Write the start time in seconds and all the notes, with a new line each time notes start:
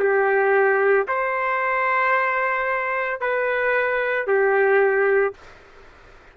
0.00 G4
1.08 C5
3.21 B4
4.27 G4